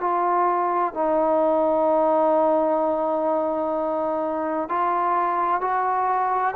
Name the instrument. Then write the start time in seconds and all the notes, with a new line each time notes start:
trombone
0.00 F4
0.94 D#4
4.69 F4
5.61 F#4